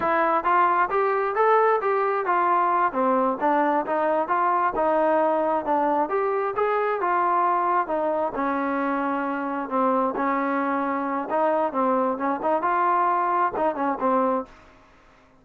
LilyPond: \new Staff \with { instrumentName = "trombone" } { \time 4/4 \tempo 4 = 133 e'4 f'4 g'4 a'4 | g'4 f'4. c'4 d'8~ | d'8 dis'4 f'4 dis'4.~ | dis'8 d'4 g'4 gis'4 f'8~ |
f'4. dis'4 cis'4.~ | cis'4. c'4 cis'4.~ | cis'4 dis'4 c'4 cis'8 dis'8 | f'2 dis'8 cis'8 c'4 | }